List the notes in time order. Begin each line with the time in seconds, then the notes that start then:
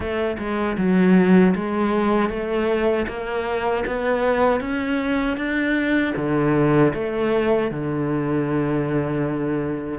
0.00 A3
0.38 G#3
0.77 F#3
1.55 G#3
2.29 A3
3.07 A#3
3.86 B3
4.60 C#4
5.37 D4
6.16 D3
6.93 A3
7.70 D3